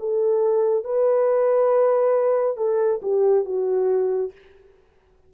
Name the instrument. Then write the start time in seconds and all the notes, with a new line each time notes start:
horn
0.00 A4
0.85 B4
2.57 A4
3.03 G4
3.45 F#4